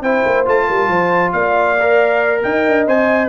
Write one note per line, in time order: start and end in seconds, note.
0.00 0.23 C4
0.00 0.45 E4
0.00 0.66 C5
0.00 0.46 G5
0.24 0.46 A#3
0.45 0.69 A3
0.45 1.77 F4
0.45 1.32 A5
0.67 0.88 G3
0.67 0.89 A#4
0.88 1.32 F3
0.88 1.33 C5
1.32 2.43 A#3
1.32 2.43 D5
1.32 2.42 F5
1.80 2.87 A#4
2.43 2.66 D#4
2.43 3.28 D#5
2.43 2.86 G5
2.66 2.86 D4
2.86 3.28 C4
2.86 3.28 C5
2.86 3.28 G#5